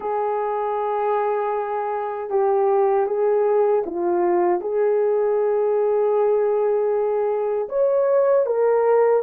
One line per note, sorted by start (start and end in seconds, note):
0.00 2.29 G#4
2.30 3.06 G4
3.06 3.83 G#4
3.86 4.60 F4
4.60 7.68 G#4
7.69 8.45 C#5
8.46 9.22 A#4